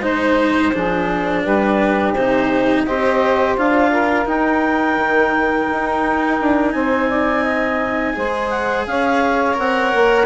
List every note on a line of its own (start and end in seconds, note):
0.00 0.71 G#3
0.00 0.72 D#4
0.00 1.43 C5
0.00 0.73 C5
0.73 1.46 F3
0.73 2.14 D4
0.73 1.43 G#4
1.43 2.15 G3
1.43 2.84 G4
1.43 2.13 B4
2.13 2.85 C3
2.13 2.86 D#4
2.13 2.84 C5
2.84 3.57 C4
2.84 3.57 G4
2.84 3.91 C5
2.84 3.55 D#5
3.57 4.26 D4
3.57 4.25 F4
3.57 4.27 F5
3.91 6.73 A#4
4.25 8.13 D#4
4.25 4.96 D#4
4.25 6.71 G5
4.96 5.67 D#3
5.72 6.40 D#4
6.40 6.74 D4
6.71 8.15 C4
6.71 7.08 C5
6.71 8.47 G#5
7.08 7.43 D5
7.43 8.14 D#5
8.13 8.86 G#3
8.13 9.54 G#4
8.13 8.87 C5
8.50 8.85 F#5
8.86 9.57 C#4
8.86 10.26 C#5
8.86 9.57 F5
9.54 9.93 C4
9.54 10.24 A#4
9.54 10.26 F#5
9.94 10.26 A#3